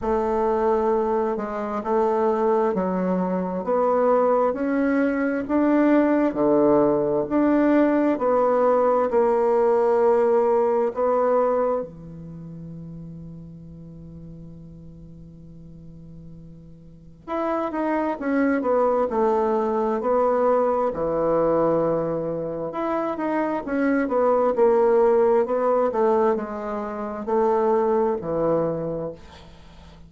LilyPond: \new Staff \with { instrumentName = "bassoon" } { \time 4/4 \tempo 4 = 66 a4. gis8 a4 fis4 | b4 cis'4 d'4 d4 | d'4 b4 ais2 | b4 e2.~ |
e2. e'8 dis'8 | cis'8 b8 a4 b4 e4~ | e4 e'8 dis'8 cis'8 b8 ais4 | b8 a8 gis4 a4 e4 | }